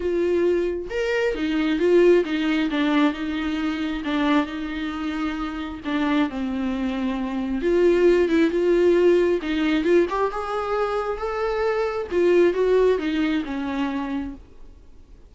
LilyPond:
\new Staff \with { instrumentName = "viola" } { \time 4/4 \tempo 4 = 134 f'2 ais'4 dis'4 | f'4 dis'4 d'4 dis'4~ | dis'4 d'4 dis'2~ | dis'4 d'4 c'2~ |
c'4 f'4. e'8 f'4~ | f'4 dis'4 f'8 g'8 gis'4~ | gis'4 a'2 f'4 | fis'4 dis'4 cis'2 | }